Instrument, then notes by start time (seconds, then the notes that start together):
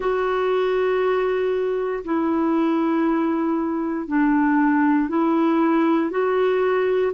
clarinet
0.00 F#4
2.04 E4
4.07 D4
5.08 E4
6.10 F#4